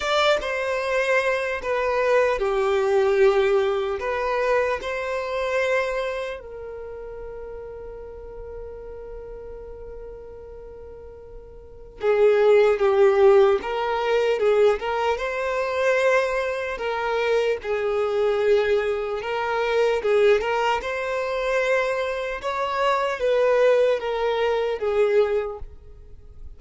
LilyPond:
\new Staff \with { instrumentName = "violin" } { \time 4/4 \tempo 4 = 75 d''8 c''4. b'4 g'4~ | g'4 b'4 c''2 | ais'1~ | ais'2. gis'4 |
g'4 ais'4 gis'8 ais'8 c''4~ | c''4 ais'4 gis'2 | ais'4 gis'8 ais'8 c''2 | cis''4 b'4 ais'4 gis'4 | }